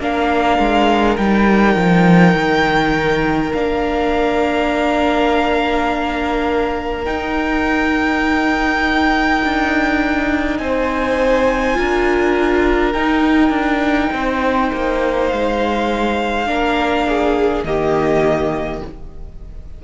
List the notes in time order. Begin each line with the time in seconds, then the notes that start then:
0.00 A#3 D4 A#4 F5
0.59 G#3
1.17 G3 D#4 G5
1.76 F3
2.34 D#3
3.53 A#3 D4 F5
7.04 D#4 G5
9.44 D4
10.58 C4 C5 G#5
11.74 D4 F4 A#4
12.92 D#4 G5
13.50 D4
14.12 C4 C5
14.73 A#3
15.28 G#3 F5
16.46 A#3 D4 A#4
17.09 G#4
17.64 D#3 A#3 G4 D#5